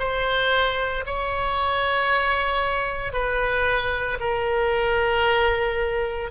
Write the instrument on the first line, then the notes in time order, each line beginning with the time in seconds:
oboe
0.00 C5
1.06 C#5
3.13 B4
4.21 A#4